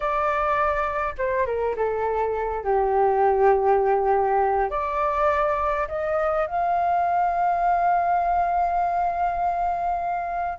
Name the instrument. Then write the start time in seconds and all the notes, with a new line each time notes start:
flute
0.00 D5
1.17 C5
1.45 A#4
1.75 A4
2.64 G4
4.70 D5
5.87 D#5
6.47 F5